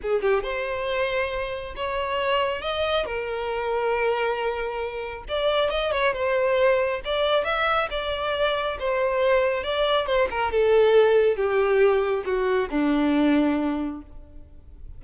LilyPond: \new Staff \with { instrumentName = "violin" } { \time 4/4 \tempo 4 = 137 gis'8 g'8 c''2. | cis''2 dis''4 ais'4~ | ais'1 | d''4 dis''8 cis''8 c''2 |
d''4 e''4 d''2 | c''2 d''4 c''8 ais'8 | a'2 g'2 | fis'4 d'2. | }